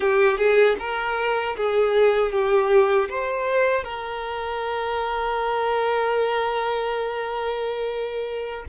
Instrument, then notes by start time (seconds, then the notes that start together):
violin
0.00 G4
0.37 G#4
0.79 A#4
1.56 G#4
2.31 G4
3.09 C5
3.84 A#4